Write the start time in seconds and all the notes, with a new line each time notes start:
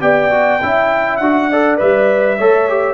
0.00 B3 G4 D5 G5
0.30 F#4
0.61 C#4 E4 E5
1.16 D4 F#4 F#5
1.50 A4 D5
1.77 G3 B4 E5
2.38 A3 A4 C#5
2.69 G4